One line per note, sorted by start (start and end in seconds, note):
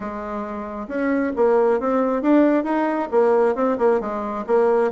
0.00 0.87 G#3
0.87 1.32 C#4
1.36 1.80 A#3
1.80 2.22 C4
2.22 2.64 D4
2.64 3.08 D#4
3.11 3.55 A#3
3.55 3.77 C4
3.78 4.00 A#3
4.00 4.44 G#3
4.46 4.91 A#3